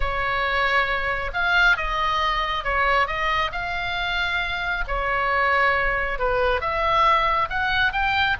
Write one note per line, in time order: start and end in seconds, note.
0.00 1.31 C#5
1.33 1.76 F5
1.76 2.64 D#5
2.64 3.07 C#5
3.07 3.51 D#5
3.52 4.84 F5
4.87 6.18 C#5
6.18 6.60 B4
6.60 7.48 E5
7.49 7.92 F#5
7.92 8.36 G5